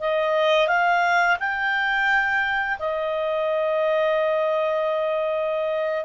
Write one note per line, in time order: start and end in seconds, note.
0.00 0.68 D#5
0.68 1.37 F5
1.40 2.78 G5
2.79 6.05 D#5